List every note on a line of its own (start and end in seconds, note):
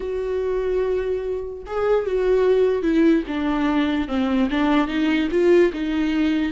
0.00 1.63 F#4
1.66 2.06 G#4
2.06 2.82 F#4
2.82 3.23 E4
3.27 4.08 D4
4.08 4.49 C4
4.50 4.87 D4
4.87 5.28 D#4
5.31 5.72 F4
5.73 6.51 D#4